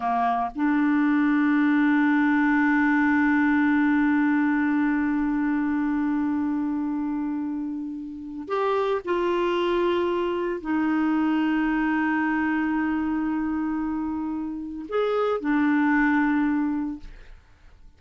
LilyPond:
\new Staff \with { instrumentName = "clarinet" } { \time 4/4 \tempo 4 = 113 ais4 d'2.~ | d'1~ | d'1~ | d'1 |
g'4 f'2. | dis'1~ | dis'1 | gis'4 d'2. | }